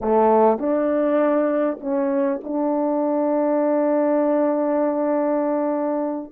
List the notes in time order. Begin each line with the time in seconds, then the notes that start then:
0.01 A3
0.58 D4
1.80 C#4
2.43 D4